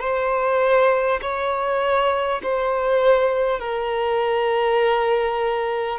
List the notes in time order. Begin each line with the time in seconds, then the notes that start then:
0.00 C5
1.21 C#5
2.43 C5
3.59 A#4